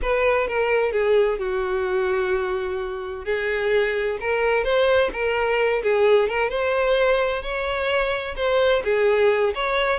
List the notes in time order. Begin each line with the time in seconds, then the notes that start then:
0.01 B4
0.47 A#4
0.92 G#4
1.38 F#4
3.24 G#4
4.20 A#4
4.63 C5
5.12 A#4
5.83 G#4
6.29 A#4
6.49 C5
7.42 C#5
8.36 C5
8.84 G#4
9.54 C#5